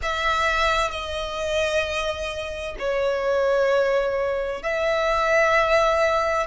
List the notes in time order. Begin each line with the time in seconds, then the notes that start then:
0.02 E5
0.91 D#5
2.79 C#5
4.62 E5